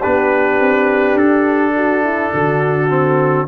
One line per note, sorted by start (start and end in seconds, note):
0.00 0.60 B3
0.00 2.89 D4
0.00 1.73 G4
0.00 1.17 B4
0.60 1.14 C4
1.14 2.30 D4
1.14 3.48 A4
1.76 2.04 F#4
2.04 2.33 E4
2.34 3.48 D3
2.34 3.48 F#4
2.89 3.47 C4